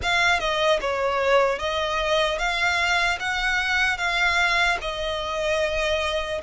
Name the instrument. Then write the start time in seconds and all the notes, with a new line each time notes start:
violin
0.02 F5
0.39 D#5
0.80 C#5
1.58 D#5
2.38 F5
3.19 F#5
3.97 F5
4.81 D#5